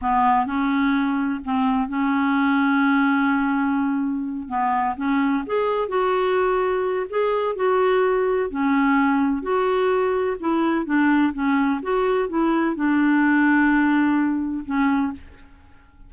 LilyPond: \new Staff \with { instrumentName = "clarinet" } { \time 4/4 \tempo 4 = 127 b4 cis'2 c'4 | cis'1~ | cis'4. b4 cis'4 gis'8~ | gis'8 fis'2~ fis'8 gis'4 |
fis'2 cis'2 | fis'2 e'4 d'4 | cis'4 fis'4 e'4 d'4~ | d'2. cis'4 | }